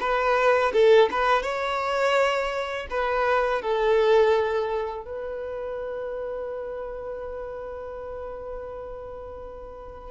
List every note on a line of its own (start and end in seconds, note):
0.00 0.72 B4
0.73 1.09 A4
1.11 1.43 B4
1.43 2.87 C#5
2.90 3.62 B4
3.62 5.05 A4
5.05 10.11 B4